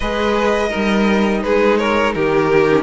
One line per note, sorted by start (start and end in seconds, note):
0.00 0.72 G#3
0.00 0.70 G#4
0.00 0.69 B4
0.00 1.42 D#5
0.69 2.66 D#4
0.69 1.40 A#4
0.75 1.44 G3
1.42 2.15 G#3
1.42 1.79 G#4
1.42 1.77 B4
1.77 2.14 A#4
1.77 2.13 C#5
2.14 2.83 D#3
2.14 2.83 G4
2.14 2.83 A#4
2.68 2.83 C#4